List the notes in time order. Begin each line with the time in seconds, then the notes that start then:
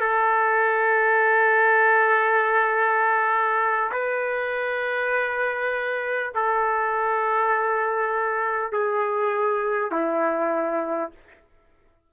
0.00 A4
3.92 B4
6.34 A4
8.72 G#4
9.91 E4